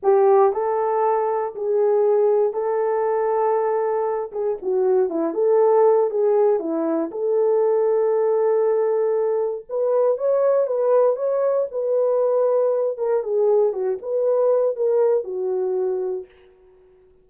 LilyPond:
\new Staff \with { instrumentName = "horn" } { \time 4/4 \tempo 4 = 118 g'4 a'2 gis'4~ | gis'4 a'2.~ | a'8 gis'8 fis'4 e'8 a'4. | gis'4 e'4 a'2~ |
a'2. b'4 | cis''4 b'4 cis''4 b'4~ | b'4. ais'8 gis'4 fis'8 b'8~ | b'4 ais'4 fis'2 | }